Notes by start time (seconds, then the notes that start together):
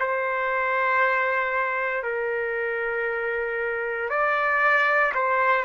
0.00 C5
2.04 A#4
4.10 D5
5.14 C5